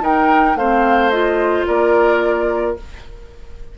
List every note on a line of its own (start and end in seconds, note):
0.00 0.55 D#4
0.00 0.56 D#4
0.00 0.58 A#4
0.00 0.57 G5
0.55 1.65 A3
0.55 1.12 C4
0.55 1.67 C5
0.55 1.10 F5
1.10 2.77 F4
1.10 1.65 D#5
1.66 2.78 A#3
1.66 2.77 A#4
1.66 2.76 D5